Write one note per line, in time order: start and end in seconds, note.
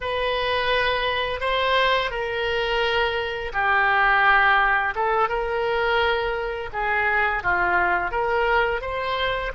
0.00 1.40 B4
1.40 2.10 C5
2.10 3.52 A#4
3.53 4.94 G4
4.95 5.28 A4
5.28 6.70 A#4
6.72 7.43 G#4
7.43 8.11 F4
8.11 8.81 A#4
8.81 9.51 C5